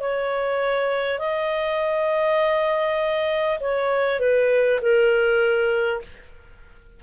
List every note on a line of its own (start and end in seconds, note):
0.00 1.19 C#5
1.19 3.59 D#5
3.60 4.20 C#5
4.20 4.80 B4
4.82 6.02 A#4